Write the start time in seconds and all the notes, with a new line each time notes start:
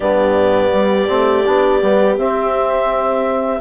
0.00 G2 B3 G4 D5
0.72 G3
1.07 A3 C4
1.45 B3 D4
1.81 G3 B3
2.16 C4 E5